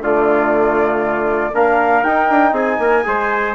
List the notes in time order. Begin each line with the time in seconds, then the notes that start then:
0.00 D3 A3 F4 D5
1.53 A#3 D4 A#4 F5
2.03 D#4 G5
2.29 D4
2.52 C4 G#4 G#5
2.78 A#3 A#4
3.03 G#3 G#4 C5